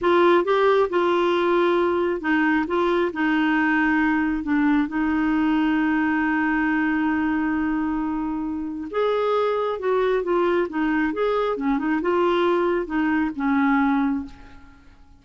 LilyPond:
\new Staff \with { instrumentName = "clarinet" } { \time 4/4 \tempo 4 = 135 f'4 g'4 f'2~ | f'4 dis'4 f'4 dis'4~ | dis'2 d'4 dis'4~ | dis'1~ |
dis'1 | gis'2 fis'4 f'4 | dis'4 gis'4 cis'8 dis'8 f'4~ | f'4 dis'4 cis'2 | }